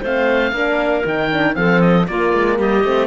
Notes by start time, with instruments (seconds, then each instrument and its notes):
0.00 cello A3, horn C4, clarinet C5, oboe F5
0.52 cello A#3, horn D4, clarinet A#4
1.05 cello D#3, horn D#4, oboe G5
1.32 horn D4
1.53 cello F3, horn C4, clarinet A4, oboe F5
1.81 oboe D#5
2.07 cello A#3, horn A#3, clarinet F4, oboe D5
2.33 cello G#3
2.56 cello G3, clarinet G4, oboe D#5
2.84 cello A3, horn C4